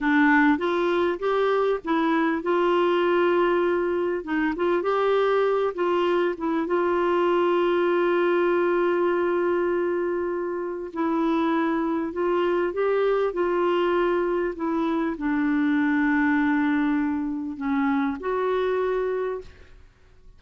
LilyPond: \new Staff \with { instrumentName = "clarinet" } { \time 4/4 \tempo 4 = 99 d'4 f'4 g'4 e'4 | f'2. dis'8 f'8 | g'4. f'4 e'8 f'4~ | f'1~ |
f'2 e'2 | f'4 g'4 f'2 | e'4 d'2.~ | d'4 cis'4 fis'2 | }